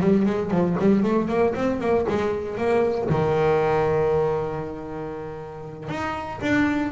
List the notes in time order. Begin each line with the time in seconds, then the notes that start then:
0.00 G3
0.25 G#3
0.51 F3
0.79 G3
1.03 A3
1.28 A#3
1.55 C4
1.80 A#3
2.08 G#3
2.57 A#3
3.09 D#3
5.89 D#4
6.41 D4